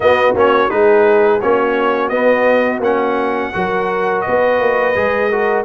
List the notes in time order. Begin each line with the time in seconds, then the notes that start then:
0.00 B3 F#4 D#5
0.34 A#3 C#4 C#5
0.69 G#3 D#4 G#4 B4
1.40 A#3 C#4 F#4 C#5
2.08 B3 D#5
2.79 A#3 C#4 F#5
3.53 F#3 F#4 A#4
4.21 B3 B4 D#5
4.59 A#3
4.95 G#3 G#4
5.30 F#4 A#4